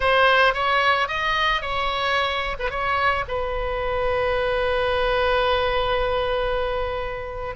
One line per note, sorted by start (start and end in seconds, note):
0.00 0.54 C5
0.54 1.08 C#5
1.08 1.61 D#5
1.61 2.56 C#5
2.59 2.70 B4
2.70 3.24 C#5
3.28 7.55 B4